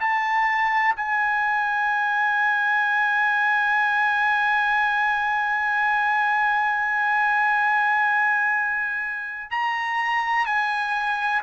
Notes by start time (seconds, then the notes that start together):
0.00 A5
0.96 G#5
9.51 A#5
10.46 G#5